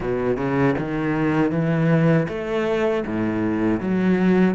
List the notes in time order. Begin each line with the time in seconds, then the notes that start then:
0.00 B2
0.36 C#3
0.78 D#3
1.51 E3
2.28 A3
3.06 A2
3.80 F#3